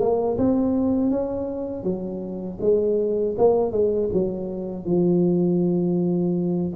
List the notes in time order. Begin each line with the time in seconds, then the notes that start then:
0.00 A#3
0.38 C4
1.10 C#4
1.83 F#3
2.61 G#3
3.38 A#3
3.72 G#3
4.13 F#3
4.85 F3